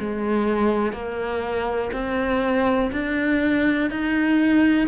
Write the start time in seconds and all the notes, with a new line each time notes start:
0.00 G#3
0.93 A#3
1.93 C4
2.92 D4
3.90 D#4